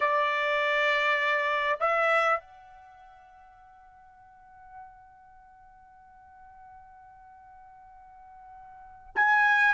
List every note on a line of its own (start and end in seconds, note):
0.00 1.78 D5
1.80 2.39 E5
2.39 9.14 F#5
9.15 9.73 G#5